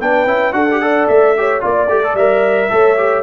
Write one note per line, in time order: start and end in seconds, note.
0.00 0.26 B3
0.00 0.27 D4
0.00 0.55 B4
0.00 0.53 G5
0.26 0.53 C#4
0.26 0.52 E4
0.52 1.07 D4
0.52 0.66 F#4
0.52 0.82 A4
0.52 1.07 F#5
0.71 0.81 G4
0.81 1.35 A4
0.81 1.38 D5
1.08 1.62 A3
1.08 1.62 E5
1.37 1.60 G4
1.37 1.62 C#5
1.60 1.88 A#3
1.60 1.87 F4
1.60 2.70 D5
1.60 2.16 D5
1.88 2.14 A3
1.88 2.03 G4
2.03 2.17 A4
2.14 2.68 G3
2.14 2.69 A#4
2.14 3.23 E5
2.69 3.23 A3
2.69 2.96 A4
2.69 3.23 C#5
2.97 3.23 G4